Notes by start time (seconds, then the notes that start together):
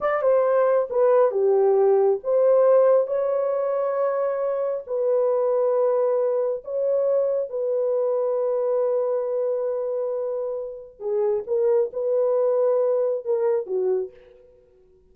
0.00 D5
0.22 C5
0.90 B4
1.31 G4
2.23 C5
3.07 C#5
4.86 B4
6.64 C#5
7.49 B4
10.99 G#4
11.46 A#4
11.93 B4
13.24 A#4
13.66 F#4